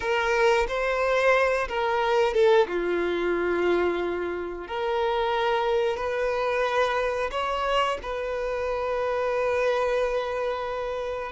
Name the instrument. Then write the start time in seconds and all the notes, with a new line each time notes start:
violin
0.00 A#4
0.68 C5
1.68 A#4
2.33 A4
2.67 F4
4.67 A#4
5.97 B4
7.31 C#5
8.02 B4